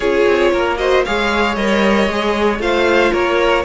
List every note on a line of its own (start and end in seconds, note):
0.00 0.25 C#4
0.00 0.77 F4
0.00 0.51 G#4
0.00 0.77 C#5
0.27 0.53 C4
0.52 1.05 A#3
0.52 0.78 A#4
0.77 1.04 F#4
0.77 1.05 C5
0.77 1.03 D#5
1.05 1.56 G#3
1.05 1.57 G#4
1.05 2.61 C#5
1.05 1.55 F5
1.55 2.07 G3
1.55 2.09 A#4
1.55 2.59 D#5
2.07 2.59 G#3
2.07 2.59 G#4
2.59 3.11 A3
2.59 3.63 F4
2.59 3.12 C5
2.59 3.13 F5
3.12 3.64 A#3
3.12 3.64 A#4
3.12 3.64 C#5